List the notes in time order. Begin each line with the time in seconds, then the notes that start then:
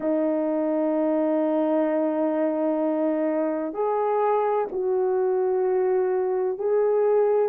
0.00 D#4
3.73 G#4
4.72 F#4
6.58 G#4